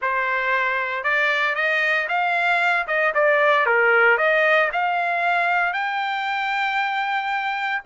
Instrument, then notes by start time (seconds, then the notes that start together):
trumpet
0.01 C5
1.03 D5
1.55 D#5
2.08 F5
2.87 D#5
3.14 D5
3.66 A#4
4.17 D#5
4.72 F5
5.73 G5